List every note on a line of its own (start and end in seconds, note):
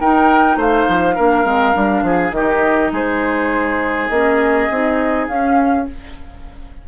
0.00 0.57 D#4
0.00 1.17 D#4
0.00 0.58 A#4
0.00 0.59 G5
0.57 0.86 A3
0.57 1.15 C5
0.57 2.33 F5
0.89 1.18 F3
1.15 1.45 A#3
1.15 1.45 D4
1.15 2.03 A#4
1.45 1.74 G#3
1.45 1.74 C4
1.74 2.03 G3
1.74 2.33 D4
2.03 2.32 F3
2.03 2.36 G#4
2.32 2.91 D#3
2.32 4.13 D#4
2.32 2.92 G4
2.32 2.92 D#5
2.92 4.10 G#3
2.92 5.87 G#4
2.92 4.09 C5
4.09 4.69 A#3
4.09 4.72 C#4
4.09 5.27 D#5
4.71 5.29 C4
4.71 5.30 D#4
5.28 5.88 C#4
5.28 5.87 F5